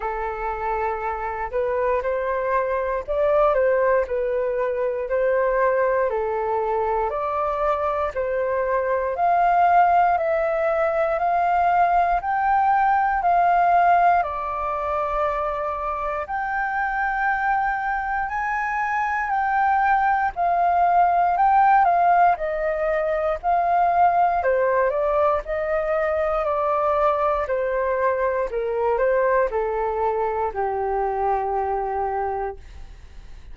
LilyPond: \new Staff \with { instrumentName = "flute" } { \time 4/4 \tempo 4 = 59 a'4. b'8 c''4 d''8 c''8 | b'4 c''4 a'4 d''4 | c''4 f''4 e''4 f''4 | g''4 f''4 d''2 |
g''2 gis''4 g''4 | f''4 g''8 f''8 dis''4 f''4 | c''8 d''8 dis''4 d''4 c''4 | ais'8 c''8 a'4 g'2 | }